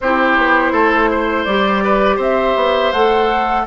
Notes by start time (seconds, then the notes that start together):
0.00 C4 E4 G4 C5
0.37 B3
0.72 A3 A4
1.11 C5
1.44 G3 G4 D5
1.84 B4
2.16 C4 C5
2.22 E5
2.55 B3
2.92 A3 A4 F#5